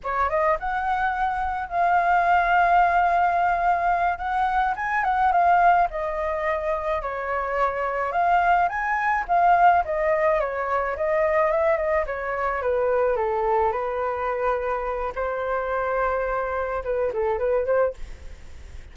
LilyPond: \new Staff \with { instrumentName = "flute" } { \time 4/4 \tempo 4 = 107 cis''8 dis''8 fis''2 f''4~ | f''2.~ f''8 fis''8~ | fis''8 gis''8 fis''8 f''4 dis''4.~ | dis''8 cis''2 f''4 gis''8~ |
gis''8 f''4 dis''4 cis''4 dis''8~ | dis''8 e''8 dis''8 cis''4 b'4 a'8~ | a'8 b'2~ b'8 c''4~ | c''2 b'8 a'8 b'8 c''8 | }